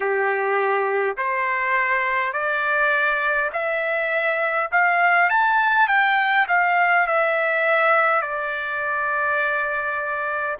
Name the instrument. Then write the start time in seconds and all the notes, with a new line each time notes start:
trumpet
0.00 G4
1.17 C5
2.32 D5
3.52 E5
4.71 F5
5.29 A5
5.88 G5
6.48 F5
7.06 E5
8.21 D5